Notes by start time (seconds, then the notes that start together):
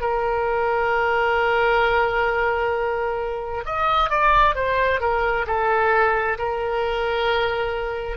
0.00 A#4
3.65 D#5
4.10 D5
4.55 C5
5.00 A#4
5.46 A4
6.38 A#4